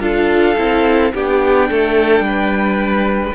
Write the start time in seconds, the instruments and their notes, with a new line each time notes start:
0.00 cello D4, viola F4, violin A4 F5
0.57 cello C4, viola E4
1.13 cello B3, viola D4, violin G4 G5
1.69 cello A3, violin A4
2.19 cello G3, violin B4